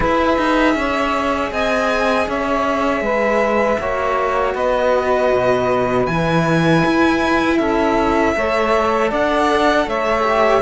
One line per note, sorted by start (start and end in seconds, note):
0.00 0.37 E4
0.00 3.77 G#4
0.00 0.76 B4
0.00 1.52 E5
0.37 0.74 D#4
0.74 1.50 C#4
0.74 1.52 C#5
1.51 2.27 C4
1.51 2.27 D#5
1.51 2.28 G#5
2.27 3.01 C#4
2.27 3.03 C#5
2.27 4.56 E5
3.01 3.77 G#3
3.01 3.79 B4
3.79 4.55 A#3
3.79 6.07 F#4
3.79 4.53 C#5
4.53 5.31 B3
4.53 7.56 B4
4.53 6.06 D#5
5.31 6.06 B2
6.06 6.82 E3
6.06 8.35 E4
6.06 7.58 G#5
6.85 7.59 E4
7.57 8.35 C#4
7.57 8.33 A4
7.57 9.09 E5
8.36 9.11 A3
8.36 10.22 A4
8.36 9.09 C#5
9.09 9.86 D4
9.09 9.85 D5
9.09 9.89 F#5
9.86 10.62 A3
9.86 10.62 C#5
9.86 10.62 E5
10.22 10.60 G4